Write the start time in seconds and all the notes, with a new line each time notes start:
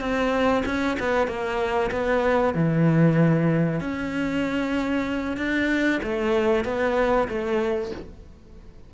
0.00 C4
0.65 C#4
0.99 B3
1.27 A#3
1.91 B3
2.54 E3
3.80 C#4
5.37 D4
6.03 A3
6.64 B3
7.28 A3